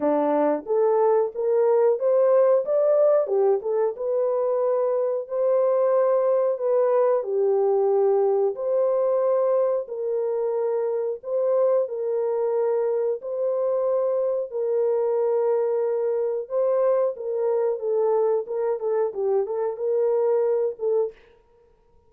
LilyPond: \new Staff \with { instrumentName = "horn" } { \time 4/4 \tempo 4 = 91 d'4 a'4 ais'4 c''4 | d''4 g'8 a'8 b'2 | c''2 b'4 g'4~ | g'4 c''2 ais'4~ |
ais'4 c''4 ais'2 | c''2 ais'2~ | ais'4 c''4 ais'4 a'4 | ais'8 a'8 g'8 a'8 ais'4. a'8 | }